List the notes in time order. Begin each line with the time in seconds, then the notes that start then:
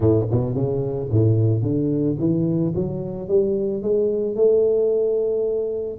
0.00 A2
0.31 B2
0.54 C#3
1.11 A2
1.62 D3
2.19 E3
2.75 F#3
3.28 G3
3.82 G#3
4.35 A3